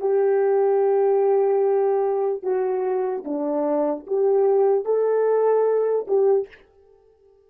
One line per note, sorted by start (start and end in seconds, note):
0.00 2.43 G4
2.43 3.24 F#4
3.25 4.06 D4
4.07 4.85 G4
4.85 6.07 A4
6.08 6.48 G4